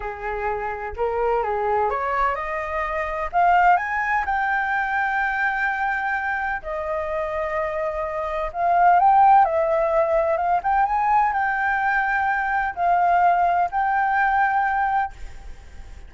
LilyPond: \new Staff \with { instrumentName = "flute" } { \time 4/4 \tempo 4 = 127 gis'2 ais'4 gis'4 | cis''4 dis''2 f''4 | gis''4 g''2.~ | g''2 dis''2~ |
dis''2 f''4 g''4 | e''2 f''8 g''8 gis''4 | g''2. f''4~ | f''4 g''2. | }